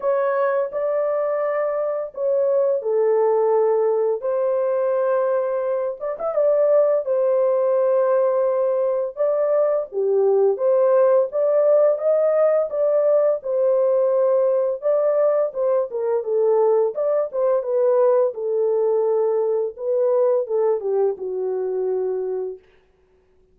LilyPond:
\new Staff \with { instrumentName = "horn" } { \time 4/4 \tempo 4 = 85 cis''4 d''2 cis''4 | a'2 c''2~ | c''8 d''16 e''16 d''4 c''2~ | c''4 d''4 g'4 c''4 |
d''4 dis''4 d''4 c''4~ | c''4 d''4 c''8 ais'8 a'4 | d''8 c''8 b'4 a'2 | b'4 a'8 g'8 fis'2 | }